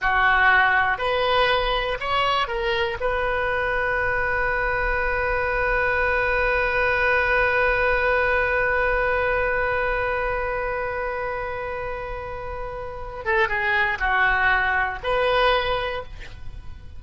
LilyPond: \new Staff \with { instrumentName = "oboe" } { \time 4/4 \tempo 4 = 120 fis'2 b'2 | cis''4 ais'4 b'2~ | b'1~ | b'1~ |
b'1~ | b'1~ | b'2~ b'8 a'8 gis'4 | fis'2 b'2 | }